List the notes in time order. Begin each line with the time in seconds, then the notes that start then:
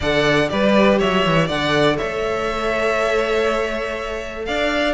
0.00 D3 A4 D5 F#5
0.48 G3 G4 B4 D5
0.98 F#3 C#5 E5
1.25 E3
1.46 D3 A4 D5 F#5
1.97 A3 C#5 E5
4.45 D4 D5 F5